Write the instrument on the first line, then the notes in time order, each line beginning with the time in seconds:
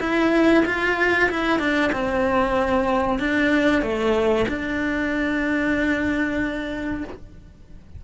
cello
0.00 E4
0.66 F4
1.30 E4
1.59 D4
1.93 C4
3.19 D4
3.82 A3
4.49 D4